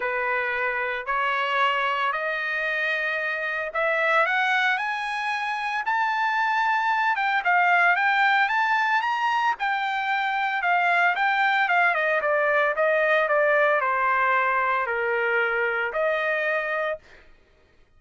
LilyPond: \new Staff \with { instrumentName = "trumpet" } { \time 4/4 \tempo 4 = 113 b'2 cis''2 | dis''2. e''4 | fis''4 gis''2 a''4~ | a''4. g''8 f''4 g''4 |
a''4 ais''4 g''2 | f''4 g''4 f''8 dis''8 d''4 | dis''4 d''4 c''2 | ais'2 dis''2 | }